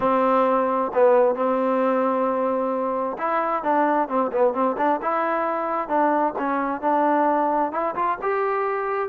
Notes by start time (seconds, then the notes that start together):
0.00 C4
0.94 B3
1.35 C4
3.17 E4
3.63 D4
4.08 C4
4.32 B3
4.53 C4
4.77 D4
5.02 E4
5.88 D4
6.38 C#4
6.81 D4
7.72 E4
7.95 F4
8.21 G4